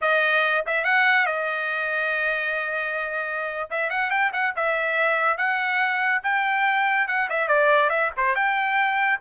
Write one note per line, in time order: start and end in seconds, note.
0.01 0.64 D#5
0.66 0.84 E5
0.84 1.26 F#5
1.26 3.69 D#5
3.70 3.90 E5
3.90 4.10 F#5
4.10 4.31 G5
4.33 4.54 F#5
4.56 5.37 E5
5.37 6.22 F#5
6.23 7.07 G5
7.07 7.28 F#5
7.29 7.48 E5
7.48 7.89 D5
7.89 8.10 E5
8.17 8.35 C5
8.35 9.19 G5